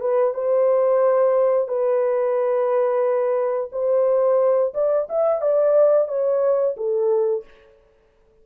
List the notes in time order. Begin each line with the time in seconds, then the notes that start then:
0.00 B4
0.34 C5
1.68 B4
3.72 C5
4.74 D5
5.09 E5
5.41 D5
6.08 C#5
6.77 A4